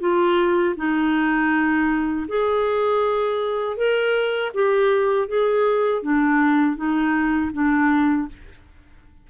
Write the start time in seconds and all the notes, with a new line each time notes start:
0.00 F4
0.76 D#4
2.28 G#4
3.77 A#4
4.54 G4
5.28 G#4
6.02 D4
6.76 D#4
7.53 D4